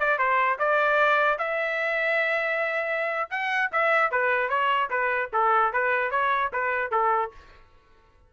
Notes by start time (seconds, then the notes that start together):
0.00 D5
0.19 C5
0.59 D5
1.39 E5
3.31 F#5
3.72 E5
4.12 B4
4.50 C#5
4.90 B4
5.33 A4
5.73 B4
6.11 C#5
6.53 B4
6.92 A4